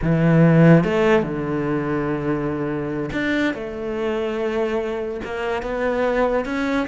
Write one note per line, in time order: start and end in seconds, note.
0.02 0.84 E3
0.84 1.22 A3
1.22 3.10 D3
3.12 3.54 D4
3.54 5.20 A3
5.24 5.62 A#3
5.62 6.45 B3
6.45 6.86 C#4